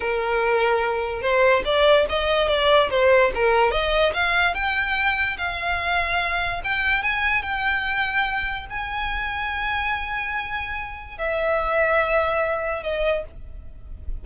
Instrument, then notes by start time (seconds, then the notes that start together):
violin
0.00 A#4
1.21 C5
1.64 D5
2.09 D#5
2.48 D5
2.90 C5
3.34 A#4
3.71 D#5
4.13 F5
4.54 G5
5.37 F5
6.64 G5
7.02 G#5
7.42 G5
8.70 G#5
11.17 E5
12.83 D#5